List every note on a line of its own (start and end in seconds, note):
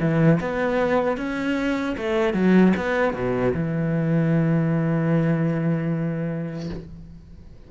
0.00 0.39 E3
0.40 1.17 B3
1.17 1.96 C#4
1.97 2.34 A3
2.34 2.73 F#3
2.77 3.14 B3
3.14 3.53 B2
3.54 6.70 E3